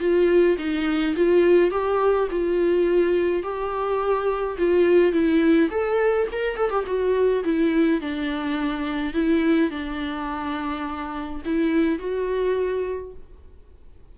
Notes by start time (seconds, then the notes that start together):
0.00 F4
0.58 D#4
1.16 F4
1.71 G4
2.31 F4
3.43 G4
4.58 F4
5.12 E4
5.71 A4
6.32 A#4
6.57 A4
6.70 G4
6.87 F#4
7.44 E4
8.01 D4
9.14 E4
9.71 D4
11.45 E4
11.99 F#4